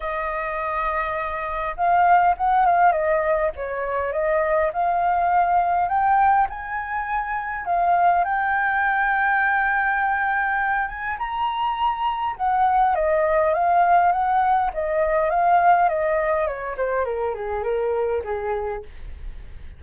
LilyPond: \new Staff \with { instrumentName = "flute" } { \time 4/4 \tempo 4 = 102 dis''2. f''4 | fis''8 f''8 dis''4 cis''4 dis''4 | f''2 g''4 gis''4~ | gis''4 f''4 g''2~ |
g''2~ g''8 gis''8 ais''4~ | ais''4 fis''4 dis''4 f''4 | fis''4 dis''4 f''4 dis''4 | cis''8 c''8 ais'8 gis'8 ais'4 gis'4 | }